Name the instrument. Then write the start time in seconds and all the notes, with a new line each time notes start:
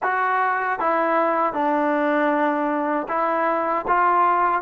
trombone
0.02 F#4
0.79 E4
1.53 D4
3.08 E4
3.87 F4